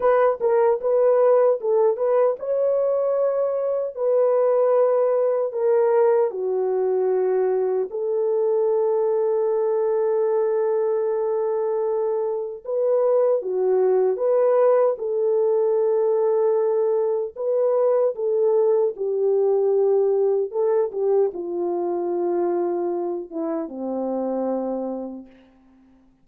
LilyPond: \new Staff \with { instrumentName = "horn" } { \time 4/4 \tempo 4 = 76 b'8 ais'8 b'4 a'8 b'8 cis''4~ | cis''4 b'2 ais'4 | fis'2 a'2~ | a'1 |
b'4 fis'4 b'4 a'4~ | a'2 b'4 a'4 | g'2 a'8 g'8 f'4~ | f'4. e'8 c'2 | }